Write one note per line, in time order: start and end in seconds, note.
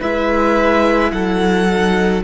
0.00 1.12 G#3
0.00 1.69 E4
0.00 1.11 B4
0.00 1.11 E5
1.11 2.23 F#3
1.11 2.23 A4
1.11 2.22 F#5
1.69 2.23 D#4